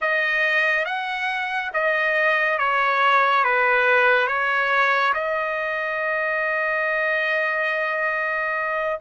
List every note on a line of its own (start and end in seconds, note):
0.01 0.85 D#5
0.85 1.71 F#5
1.73 2.58 D#5
2.58 3.44 C#5
3.44 4.27 B4
4.27 5.13 C#5
5.14 8.99 D#5